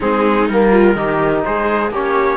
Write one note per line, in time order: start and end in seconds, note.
0.00 0.49 G#3
0.00 0.48 C4
0.00 0.70 D#4
0.00 0.48 G#4
0.48 0.95 G3
0.48 0.95 A#3
0.48 1.44 A#4
0.70 0.94 F4
0.95 1.43 D#3
0.95 1.91 D#4
0.95 1.45 G4
1.44 1.90 G#3
1.44 1.92 G#4
1.44 1.92 C5
1.90 2.37 A#3
1.90 2.37 C#4
1.90 2.37 G4
1.90 2.37 C#5